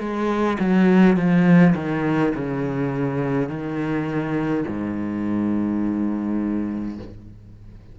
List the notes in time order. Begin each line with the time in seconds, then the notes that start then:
0.00 G#3
0.60 F#3
1.17 F3
1.75 D#3
2.35 C#3
3.49 D#3
4.68 G#2